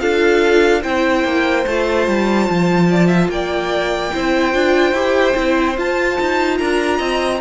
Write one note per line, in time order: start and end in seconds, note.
0.00 0.84 D4
0.00 0.82 F4
0.00 0.82 A4
0.00 0.82 F5
0.82 1.25 C4
0.82 1.65 E4
0.82 2.88 C5
0.82 1.66 G5
1.25 1.66 A#3
1.66 2.08 A3
1.66 4.13 F4
1.66 3.31 A5
2.08 2.49 G3
2.50 3.29 F3
2.91 3.08 D5
3.08 3.28 E5
3.29 4.11 A#3
3.29 4.14 D5
3.29 5.77 G5
4.13 4.55 C4
4.13 4.54 E4
4.13 6.58 C5
4.54 4.93 D4
4.54 4.95 F4
4.93 5.34 E4
4.93 5.35 G4
5.35 5.78 C4
5.35 5.76 E4
5.78 7.41 F4
5.78 6.19 F4
5.78 6.58 A5
6.21 6.61 D#4
6.58 7.00 D4
6.58 6.98 A#4
6.58 7.40 A#5
6.98 7.41 C4
6.98 7.39 D#5